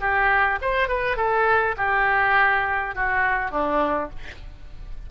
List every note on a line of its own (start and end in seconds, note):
0.00 0.59 G4
0.61 0.88 C5
0.88 1.16 B4
1.16 1.75 A4
1.77 2.95 G4
2.95 3.51 F#4
3.51 4.10 D4